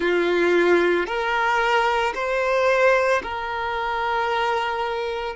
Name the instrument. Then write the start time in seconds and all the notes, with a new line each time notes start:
violin
0.00 F4
1.06 A#4
2.14 C5
3.22 A#4